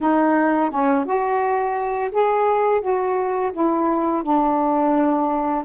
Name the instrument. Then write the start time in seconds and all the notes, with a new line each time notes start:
saxophone
0.00 D#4
0.70 C#4
1.05 F#4
2.11 G#4
2.81 F#4
3.53 E4
4.23 D4